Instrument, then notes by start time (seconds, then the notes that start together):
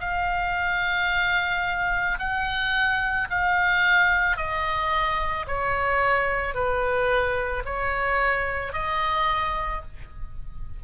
oboe
0.00 F5
2.19 F#5
3.30 F5
4.37 D#5
5.47 C#5
6.54 B4
7.65 C#5
8.73 D#5